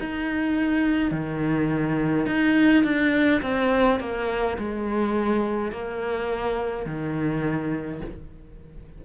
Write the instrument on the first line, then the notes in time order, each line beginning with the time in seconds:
cello
0.00 D#4
1.12 D#3
2.27 D#4
2.84 D4
3.42 C4
4.00 A#3
4.58 G#3
5.72 A#3
6.86 D#3